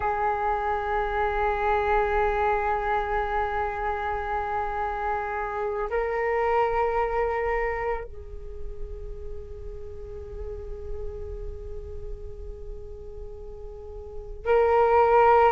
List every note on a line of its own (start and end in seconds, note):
0.00 5.89 G#4
5.89 8.04 A#4
8.04 14.45 G#4
14.45 15.52 A#4